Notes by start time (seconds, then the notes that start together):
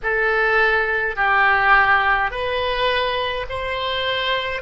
0.03 A4
1.15 G4
2.30 B4
3.49 C5